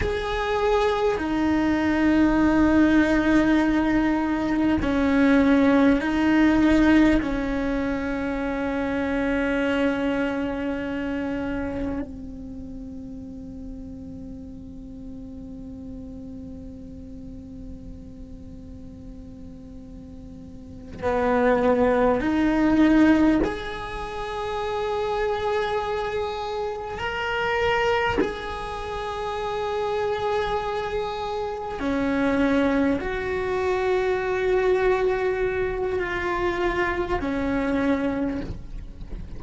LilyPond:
\new Staff \with { instrumentName = "cello" } { \time 4/4 \tempo 4 = 50 gis'4 dis'2. | cis'4 dis'4 cis'2~ | cis'2 c'2~ | c'1~ |
c'4. b4 dis'4 gis'8~ | gis'2~ gis'8 ais'4 gis'8~ | gis'2~ gis'8 cis'4 fis'8~ | fis'2 f'4 cis'4 | }